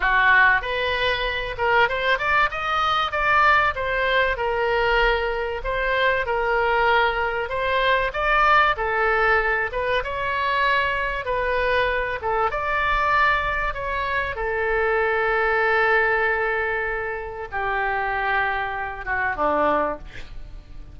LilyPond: \new Staff \with { instrumentName = "oboe" } { \time 4/4 \tempo 4 = 96 fis'4 b'4. ais'8 c''8 d''8 | dis''4 d''4 c''4 ais'4~ | ais'4 c''4 ais'2 | c''4 d''4 a'4. b'8 |
cis''2 b'4. a'8 | d''2 cis''4 a'4~ | a'1 | g'2~ g'8 fis'8 d'4 | }